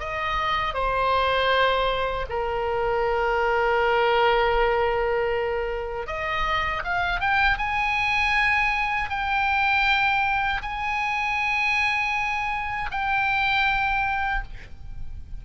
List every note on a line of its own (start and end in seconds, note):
0.00 0.74 D#5
0.74 2.26 C5
2.30 6.07 A#4
6.07 6.83 D#5
6.84 7.20 F5
7.20 7.58 G5
7.58 9.10 G#5
9.10 10.62 G5
10.62 12.90 G#5
12.91 14.43 G5